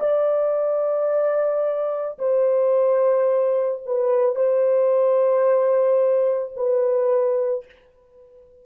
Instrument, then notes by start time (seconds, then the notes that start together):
horn
0.00 D5
2.19 C5
3.85 B4
4.35 C5
6.56 B4